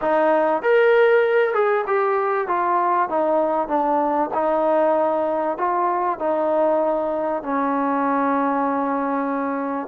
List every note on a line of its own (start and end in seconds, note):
0.01 0.62 D#4
0.62 1.54 A#4
1.54 1.85 G#4
1.87 2.47 G4
2.47 3.09 F4
3.09 3.68 D#4
3.68 4.30 D4
4.34 5.57 D#4
5.57 6.19 F4
6.19 7.42 D#4
7.42 9.87 C#4